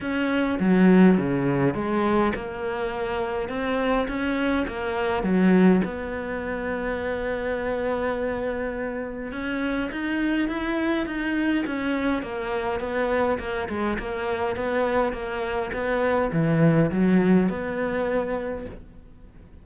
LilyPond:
\new Staff \with { instrumentName = "cello" } { \time 4/4 \tempo 4 = 103 cis'4 fis4 cis4 gis4 | ais2 c'4 cis'4 | ais4 fis4 b2~ | b1 |
cis'4 dis'4 e'4 dis'4 | cis'4 ais4 b4 ais8 gis8 | ais4 b4 ais4 b4 | e4 fis4 b2 | }